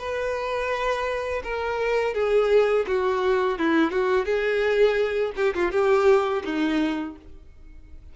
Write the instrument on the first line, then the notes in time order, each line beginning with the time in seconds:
violin
0.00 B4
1.44 A#4
2.15 G#4
2.88 F#4
3.59 E4
3.92 F#4
4.26 G#4
5.37 G4
5.55 F4
5.72 G4
6.45 D#4